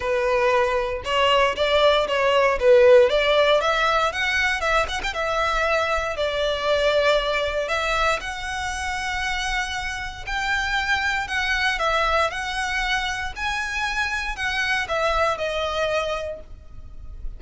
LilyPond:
\new Staff \with { instrumentName = "violin" } { \time 4/4 \tempo 4 = 117 b'2 cis''4 d''4 | cis''4 b'4 d''4 e''4 | fis''4 e''8 fis''16 g''16 e''2 | d''2. e''4 |
fis''1 | g''2 fis''4 e''4 | fis''2 gis''2 | fis''4 e''4 dis''2 | }